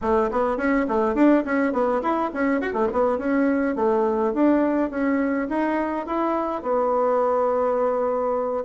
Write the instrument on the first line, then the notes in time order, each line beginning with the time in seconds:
bassoon
0.01 A3
0.31 B3
0.57 C#4
0.88 A3
1.15 D4
1.45 C#4
1.73 B3
2.02 E4
2.33 C#4
2.60 F#4
2.73 A3
2.92 B3
3.17 C#4
3.75 A3
4.33 D4
4.90 C#4
5.48 D#4
6.06 E4
6.62 B3